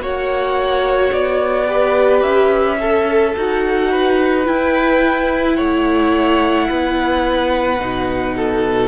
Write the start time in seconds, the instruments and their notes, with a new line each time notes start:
0.00 cello A#3, viola F#4, violin C#5 F#5
1.13 cello B3, violin D5
1.67 viola G4, violin B4
2.23 cello C#4, violin E5
2.80 viola A4, violin A4
3.36 cello D#4, viola F#4, violin F#5
3.92 violin B4
4.46 viola E4, cello E4, violin G5
5.56 cello A3, violin C#5 F#5
6.69 cello B3, violin B4
7.80 cello B2, viola D#4
8.37 violin A4